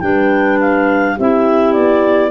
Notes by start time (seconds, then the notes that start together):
0.00 G3 D4 B4 G5
0.61 F5
1.15 C4 E4 G4 E5
1.73 B3 D5